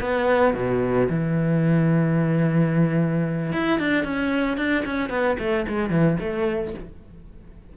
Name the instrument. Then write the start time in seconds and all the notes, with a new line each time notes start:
cello
0.00 B3
0.54 B2
1.09 E3
3.52 E4
3.79 D4
4.03 C#4
4.57 D4
4.85 C#4
5.09 B3
5.39 A3
5.68 G#3
5.90 E3
6.20 A3